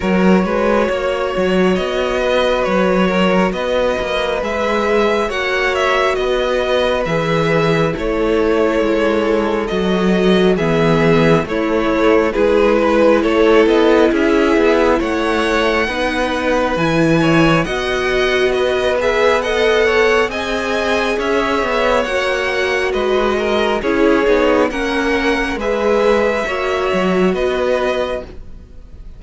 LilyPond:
<<
  \new Staff \with { instrumentName = "violin" } { \time 4/4 \tempo 4 = 68 cis''2 dis''4 cis''4 | dis''4 e''4 fis''8 e''8 dis''4 | e''4 cis''2 dis''4 | e''4 cis''4 b'4 cis''8 dis''8 |
e''4 fis''2 gis''4 | fis''4 dis''8 e''8 fis''4 gis''4 | e''4 fis''4 dis''4 cis''4 | fis''4 e''2 dis''4 | }
  \new Staff \with { instrumentName = "violin" } { \time 4/4 ais'8 b'8 cis''4. b'4 ais'8 | b'2 cis''4 b'4~ | b'4 a'2. | gis'4 e'4 gis'8 b'8 a'4 |
gis'4 cis''4 b'4. cis''8 | dis''4 b'4 dis''8 cis''8 dis''4 | cis''2 b'8 ais'8 gis'4 | ais'4 b'4 cis''4 b'4 | }
  \new Staff \with { instrumentName = "viola" } { \time 4/4 fis'1~ | fis'4 gis'4 fis'2 | gis'4 e'2 fis'4 | b4 a4 e'2~ |
e'2 dis'4 e'4 | fis'4. gis'8 a'4 gis'4~ | gis'4 fis'2 e'8 dis'8 | cis'4 gis'4 fis'2 | }
  \new Staff \with { instrumentName = "cello" } { \time 4/4 fis8 gis8 ais8 fis8 b4 fis4 | b8 ais8 gis4 ais4 b4 | e4 a4 gis4 fis4 | e4 a4 gis4 a8 b8 |
cis'8 b8 a4 b4 e4 | b2. c'4 | cis'8 b8 ais4 gis4 cis'8 b8 | ais4 gis4 ais8 fis8 b4 | }
>>